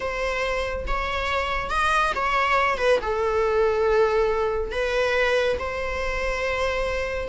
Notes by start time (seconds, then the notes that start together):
0.00 C5
0.87 C#5
1.69 D#5
2.15 C#5
2.77 B4
3.01 A4
4.71 B4
5.59 C5